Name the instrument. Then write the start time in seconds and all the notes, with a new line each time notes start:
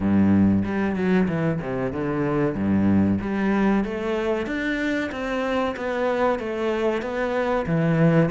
cello
0.00 G2
0.64 G3
0.95 F#3
1.28 E3
1.61 C3
1.92 D3
2.54 G2
3.20 G3
3.84 A3
4.46 D4
5.11 C4
5.76 B3
6.39 A3
7.02 B3
7.66 E3